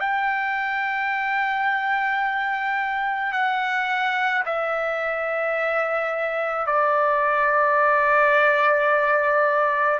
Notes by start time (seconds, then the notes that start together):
0.00 G5
3.32 F#5
4.45 E5
6.66 D5